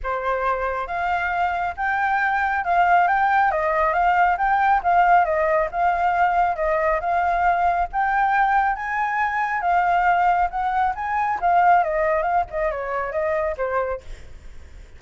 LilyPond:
\new Staff \with { instrumentName = "flute" } { \time 4/4 \tempo 4 = 137 c''2 f''2 | g''2 f''4 g''4 | dis''4 f''4 g''4 f''4 | dis''4 f''2 dis''4 |
f''2 g''2 | gis''2 f''2 | fis''4 gis''4 f''4 dis''4 | f''8 dis''8 cis''4 dis''4 c''4 | }